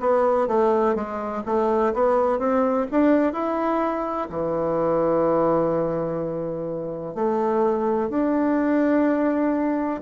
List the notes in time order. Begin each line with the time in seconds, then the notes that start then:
0.00 B3
0.48 A3
0.96 G#3
1.46 A3
1.94 B3
2.39 C4
2.91 D4
3.33 E4
4.30 E3
7.15 A3
8.10 D4